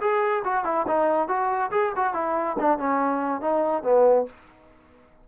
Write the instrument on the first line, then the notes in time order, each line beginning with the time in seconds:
trombone
0.00 G#4
0.44 F#4
0.64 E4
0.87 D#4
1.28 F#4
1.71 G#4
1.95 F#4
2.14 E4
2.58 D4
2.78 C#4
3.40 D#4
3.83 B3